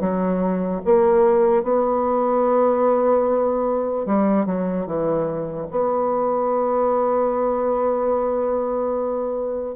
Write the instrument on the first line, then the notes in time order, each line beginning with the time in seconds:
bassoon
0.00 F#3
0.85 A#3
1.63 B3
4.06 G3
4.46 F#3
4.86 E3
5.71 B3